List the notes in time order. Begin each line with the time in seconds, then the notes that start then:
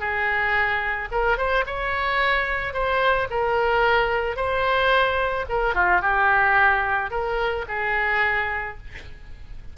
0.00 G#4
1.12 A#4
1.38 C5
1.66 C#5
2.74 C5
3.30 A#4
4.37 C5
5.49 A#4
5.75 F4
6.02 G4
7.11 A#4
7.69 G#4